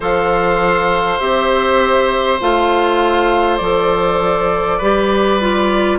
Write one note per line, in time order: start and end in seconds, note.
0.00 1.20 F3
0.00 1.20 A4
0.00 4.78 C5
0.00 1.19 F5
1.19 2.40 C4
1.19 2.40 G4
1.19 2.39 E5
2.40 3.60 A3
2.40 3.60 F4
2.40 3.57 F5
3.57 4.79 F3
3.57 4.81 A4
3.57 5.97 D5
4.78 5.99 G3
4.78 5.40 G4
4.78 5.98 B4
5.40 5.99 F4